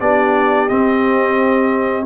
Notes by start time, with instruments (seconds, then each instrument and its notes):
0.00 tuba B3, trombone D4, horn G4, trumpet D5
0.69 trombone C4, tuba C4, trumpet D#5